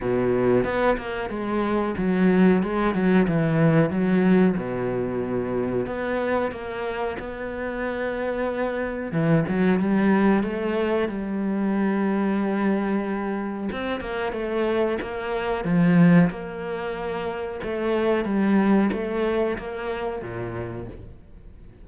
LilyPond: \new Staff \with { instrumentName = "cello" } { \time 4/4 \tempo 4 = 92 b,4 b8 ais8 gis4 fis4 | gis8 fis8 e4 fis4 b,4~ | b,4 b4 ais4 b4~ | b2 e8 fis8 g4 |
a4 g2.~ | g4 c'8 ais8 a4 ais4 | f4 ais2 a4 | g4 a4 ais4 ais,4 | }